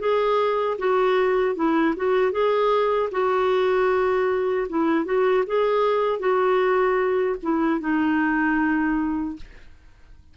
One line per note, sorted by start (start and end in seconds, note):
0.00 0.78 G#4
0.79 1.56 F#4
1.56 1.95 E4
1.97 2.32 F#4
2.32 3.10 G#4
3.12 4.68 F#4
4.69 5.06 E4
5.06 5.45 F#4
5.47 6.20 G#4
6.20 7.37 F#4
7.43 7.81 E4
7.81 9.36 D#4